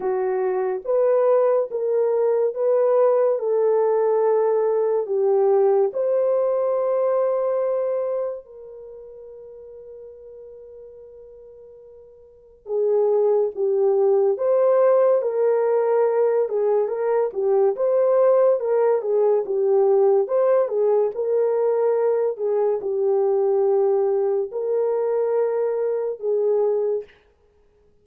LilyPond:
\new Staff \with { instrumentName = "horn" } { \time 4/4 \tempo 4 = 71 fis'4 b'4 ais'4 b'4 | a'2 g'4 c''4~ | c''2 ais'2~ | ais'2. gis'4 |
g'4 c''4 ais'4. gis'8 | ais'8 g'8 c''4 ais'8 gis'8 g'4 | c''8 gis'8 ais'4. gis'8 g'4~ | g'4 ais'2 gis'4 | }